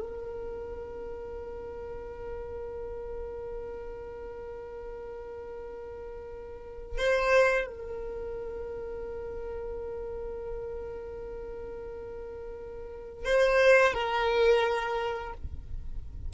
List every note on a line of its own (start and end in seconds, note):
0.00 6.97 A#4
6.97 7.67 C5
7.67 13.25 A#4
13.25 13.93 C5
13.93 15.33 A#4